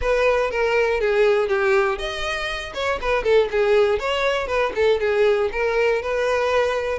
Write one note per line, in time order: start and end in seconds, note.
0.01 0.50 B4
0.50 1.00 A#4
1.00 1.48 G#4
1.48 1.98 G4
1.98 2.73 D#5
2.74 2.99 C#5
3.01 3.23 B4
3.23 3.48 A4
3.51 3.99 G#4
3.99 4.47 C#5
4.47 4.72 B4
4.75 5.00 A4
5.00 5.50 G#4
5.52 6.02 A#4
6.02 6.98 B4